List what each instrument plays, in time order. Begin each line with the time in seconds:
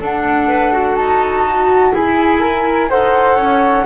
0.00 double bass D4, clarinet D4, flute A4 F#5
0.48 clarinet B4
0.72 clarinet F#4
0.96 double bass D#4, flute A5
1.46 flute F#4
1.91 clarinet E4, double bass E4, flute G#4 G#5
2.40 flute A#4
2.90 double bass D#4, clarinet A4, flute C5 F#5
3.36 double bass C#4, flute C#5